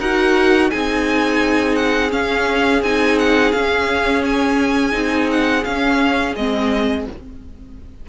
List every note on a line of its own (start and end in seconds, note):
0.00 0.71 D#4
0.00 0.72 F#4
0.00 0.71 A#4
0.00 0.71 F#5
0.71 2.12 C4
0.71 2.10 D#4
0.71 7.07 G#4
0.71 1.76 G#5
1.76 2.11 F#5
2.10 2.81 C#4
2.10 2.82 C#4
2.10 2.83 F5
2.82 3.53 C4
2.82 3.56 D#4
2.82 3.19 G#5
3.19 3.52 F#5
3.52 4.94 C#4
3.52 4.92 C#4
3.52 4.23 F5
4.25 5.31 G#5
4.92 5.65 C4
4.92 5.63 D#4
5.31 5.65 F#5
5.65 6.37 C#4
5.65 6.38 C#4
5.65 6.35 F5
6.36 7.07 G#3
6.36 7.09 C4
6.36 7.07 D#5